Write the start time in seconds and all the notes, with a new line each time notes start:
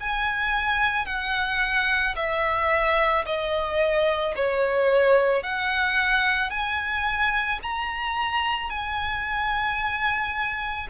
0.00 G#5
1.06 F#5
2.16 E5
3.25 D#5
4.35 C#5
5.43 F#5
6.50 G#5
7.62 A#5
8.69 G#5